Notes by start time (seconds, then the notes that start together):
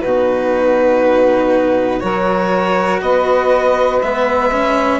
0.00 B2 D#4 F#4 B4
2.00 F#3 F#4 A#4 C#5
3.01 B3 B4 D#5
4.01 G#3 B3 E5
4.51 C#4